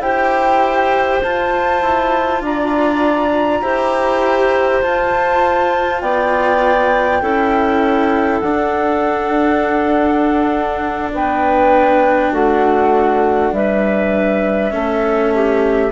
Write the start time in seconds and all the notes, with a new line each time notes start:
0.00 E4 G4 C5 G5
1.23 F4 A5
1.82 E4
2.41 D4 D5 A#5
3.61 E4 G4 C5
4.82 F4 A5
6.01 B3 D5 G5
7.21 C#4 E4 A4
8.39 D4 F#5
11.12 B3 B4 G5
12.32 A3 F#4 F#5
13.52 G3 B4 E5
14.71 A3 C#4 A4
15.34 G4